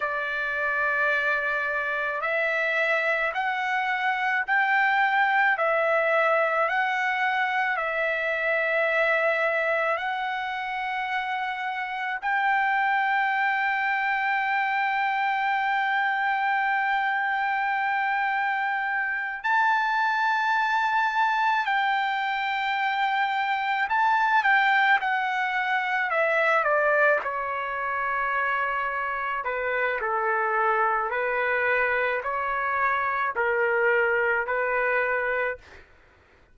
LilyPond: \new Staff \with { instrumentName = "trumpet" } { \time 4/4 \tempo 4 = 54 d''2 e''4 fis''4 | g''4 e''4 fis''4 e''4~ | e''4 fis''2 g''4~ | g''1~ |
g''4. a''2 g''8~ | g''4. a''8 g''8 fis''4 e''8 | d''8 cis''2 b'8 a'4 | b'4 cis''4 ais'4 b'4 | }